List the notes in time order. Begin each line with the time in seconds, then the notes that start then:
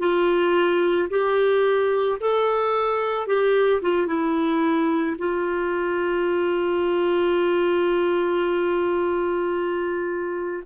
0.00 F4
1.10 G4
2.21 A4
3.27 G4
3.82 F4
4.08 E4
5.19 F4